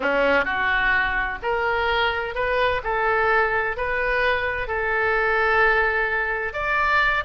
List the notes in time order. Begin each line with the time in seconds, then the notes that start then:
0.00 C#4
0.45 F#4
1.42 A#4
2.34 B4
2.83 A4
3.76 B4
4.67 A4
6.53 D5